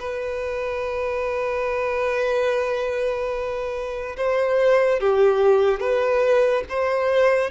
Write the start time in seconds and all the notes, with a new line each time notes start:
0.00 B4
4.17 C5
5.00 G4
5.80 B4
6.69 C5